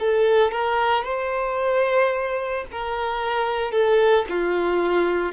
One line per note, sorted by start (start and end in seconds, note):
0.00 0.52 A4
0.52 1.05 A#4
1.05 2.65 C5
2.72 3.72 A#4
3.72 4.26 A4
4.30 5.33 F4